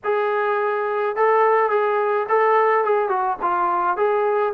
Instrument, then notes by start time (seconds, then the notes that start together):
trombone
0.04 G#4
1.16 A4
1.70 G#4
2.28 A4
2.84 G#4
3.08 F#4
3.41 F4
3.96 G#4